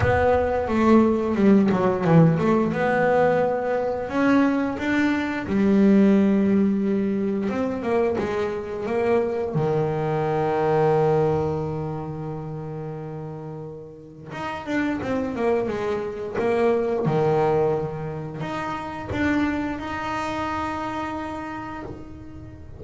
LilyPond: \new Staff \with { instrumentName = "double bass" } { \time 4/4 \tempo 4 = 88 b4 a4 g8 fis8 e8 a8 | b2 cis'4 d'4 | g2. c'8 ais8 | gis4 ais4 dis2~ |
dis1~ | dis4 dis'8 d'8 c'8 ais8 gis4 | ais4 dis2 dis'4 | d'4 dis'2. | }